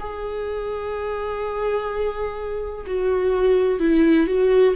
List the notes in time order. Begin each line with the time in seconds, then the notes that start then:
0.00 G#4
2.87 F#4
3.80 E4
4.27 F#4